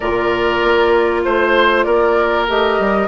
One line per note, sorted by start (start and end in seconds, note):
0.00 0.62 A#2
0.00 2.48 F4
0.00 1.21 A#4
0.00 1.22 D5
0.63 1.24 A#3
1.24 1.86 A3
1.24 1.83 C5
1.24 1.85 C5
1.83 2.48 A#3
1.83 3.08 A#4
1.83 2.45 D5
2.48 2.79 A3
2.48 3.08 G4
2.48 3.08 D#5
2.79 3.08 G3